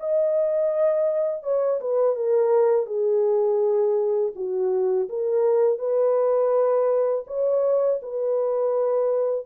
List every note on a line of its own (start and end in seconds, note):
0.00 1.43 D#5
1.43 1.80 C#5
1.81 2.16 B4
2.16 2.86 A#4
2.86 4.33 G#4
4.36 5.09 F#4
5.09 5.79 A#4
5.79 7.25 B4
7.27 8.00 C#5
8.02 9.46 B4